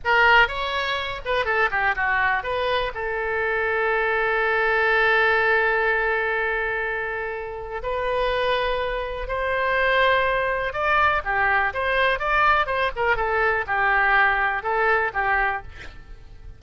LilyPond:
\new Staff \with { instrumentName = "oboe" } { \time 4/4 \tempo 4 = 123 ais'4 cis''4. b'8 a'8 g'8 | fis'4 b'4 a'2~ | a'1~ | a'1 |
b'2. c''4~ | c''2 d''4 g'4 | c''4 d''4 c''8 ais'8 a'4 | g'2 a'4 g'4 | }